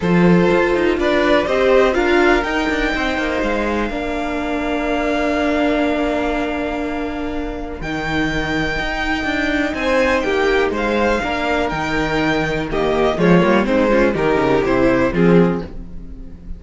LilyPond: <<
  \new Staff \with { instrumentName = "violin" } { \time 4/4 \tempo 4 = 123 c''2 d''4 dis''4 | f''4 g''2 f''4~ | f''1~ | f''1 |
g''1 | gis''4 g''4 f''2 | g''2 dis''4 cis''4 | c''4 ais'4 c''4 gis'4 | }
  \new Staff \with { instrumentName = "violin" } { \time 4/4 a'2 b'4 c''4 | ais'2 c''2 | ais'1~ | ais'1~ |
ais'1 | c''4 g'4 c''4 ais'4~ | ais'2 g'4 f'4 | dis'8 f'8 g'2 f'4 | }
  \new Staff \with { instrumentName = "viola" } { \time 4/4 f'2. g'4 | f'4 dis'2. | d'1~ | d'1 |
dis'1~ | dis'2. d'4 | dis'2 ais4 gis8 ais8 | c'8 cis'8 dis'4 e'4 c'4 | }
  \new Staff \with { instrumentName = "cello" } { \time 4/4 f4 f'8 dis'8 d'4 c'4 | d'4 dis'8 d'8 c'8 ais8 gis4 | ais1~ | ais1 |
dis2 dis'4 d'4 | c'4 ais4 gis4 ais4 | dis2. f8 g8 | gis4 dis8 cis8 c4 f4 | }
>>